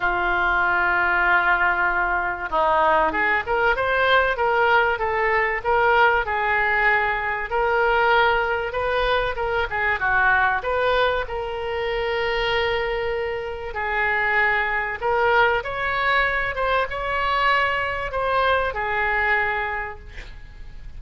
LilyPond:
\new Staff \with { instrumentName = "oboe" } { \time 4/4 \tempo 4 = 96 f'1 | dis'4 gis'8 ais'8 c''4 ais'4 | a'4 ais'4 gis'2 | ais'2 b'4 ais'8 gis'8 |
fis'4 b'4 ais'2~ | ais'2 gis'2 | ais'4 cis''4. c''8 cis''4~ | cis''4 c''4 gis'2 | }